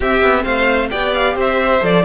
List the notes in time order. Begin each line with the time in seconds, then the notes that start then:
0.00 C4 G4 E5
0.22 B3
0.43 A3 C5 F5
0.90 B3 G4 D5 G5
1.13 F5
1.35 C4 C5 E5
1.81 F3 A4 D5